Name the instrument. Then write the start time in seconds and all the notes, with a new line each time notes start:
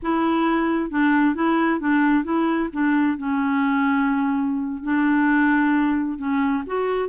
clarinet
0.02 E4
0.90 D4
1.35 E4
1.80 D4
2.24 E4
2.72 D4
3.17 C#4
4.83 D4
6.18 C#4
6.66 F#4